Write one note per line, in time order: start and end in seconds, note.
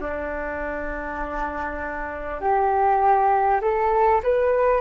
0.00 2.40 D4
2.41 3.61 G4
3.61 4.21 A4
4.23 4.81 B4